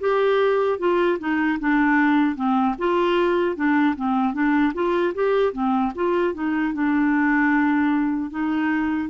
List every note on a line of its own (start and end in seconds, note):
0.00 0.79 G4
0.79 1.18 F4
1.19 1.59 D#4
1.60 2.36 D4
2.36 2.75 C4
2.79 3.56 F4
3.56 3.95 D4
3.96 4.33 C4
4.33 4.73 D4
4.74 5.14 F4
5.14 5.53 G4
5.53 5.92 C4
5.95 6.34 F4
6.34 6.74 D#4
6.74 8.30 D4
8.30 9.09 D#4